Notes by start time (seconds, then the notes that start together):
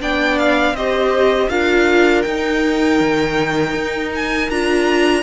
0.00 B3 D4 D5 G5
0.39 F5
0.73 C4 G4 C5 D#5
1.50 D4 F4 A#4 F5
2.22 D#4 G5
3.01 D#3
3.74 D#4
4.15 G#5
4.50 D4 F4 A#5